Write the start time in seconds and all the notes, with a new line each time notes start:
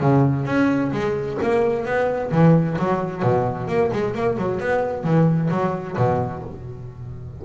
0.00 C#3
0.45 C#4
0.92 G#3
1.42 A#3
1.85 B3
2.31 E3
2.78 F#3
3.22 B2
3.68 A#3
3.92 G#3
4.14 A#3
4.37 F#3
4.59 B3
5.03 E3
5.50 F#3
5.97 B2